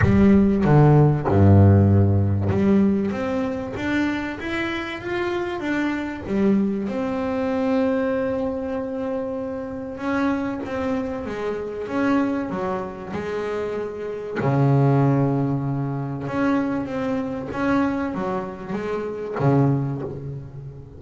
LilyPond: \new Staff \with { instrumentName = "double bass" } { \time 4/4 \tempo 4 = 96 g4 d4 g,2 | g4 c'4 d'4 e'4 | f'4 d'4 g4 c'4~ | c'1 |
cis'4 c'4 gis4 cis'4 | fis4 gis2 cis4~ | cis2 cis'4 c'4 | cis'4 fis4 gis4 cis4 | }